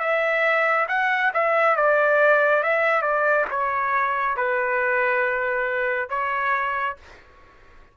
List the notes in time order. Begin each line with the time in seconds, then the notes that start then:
0.00 E5
0.89 F#5
1.34 E5
1.77 D5
2.63 E5
3.02 D5
3.51 C#5
4.37 B4
6.10 C#5